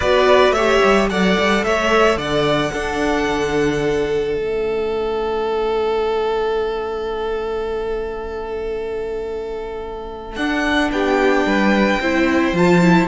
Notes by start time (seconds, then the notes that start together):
0.00 B3 F#4 B4 D5
0.50 A3 G4 C#5 E5
0.83 G3
1.09 F#3 A4 D5 F#5
1.39 G3
1.63 A3 C#5 E5
2.16 D3 D5 F#5
2.72 D4 A4
3.28 D3
4.34 A3 C#4 E5
10.36 D4 F#5
10.91 B3 G4 G5
11.45 G3 B4
11.99 C4 E4 C5
12.52 F3 F4 A5
12.81 E4